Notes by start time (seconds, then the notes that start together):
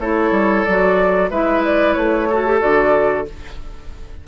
0.00 A3 E4 A4 C#5
0.31 G3
0.65 F#3 F#4 D5
1.31 G#3 E4 B4 E5
1.65 D5
1.93 A3 C#5
2.30 F#4 A4
2.47 G4
2.60 D3 F#4 D5